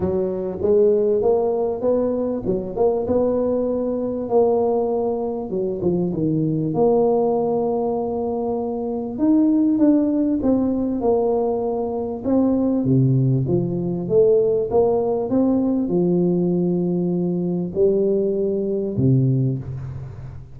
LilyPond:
\new Staff \with { instrumentName = "tuba" } { \time 4/4 \tempo 4 = 98 fis4 gis4 ais4 b4 | fis8 ais8 b2 ais4~ | ais4 fis8 f8 dis4 ais4~ | ais2. dis'4 |
d'4 c'4 ais2 | c'4 c4 f4 a4 | ais4 c'4 f2~ | f4 g2 c4 | }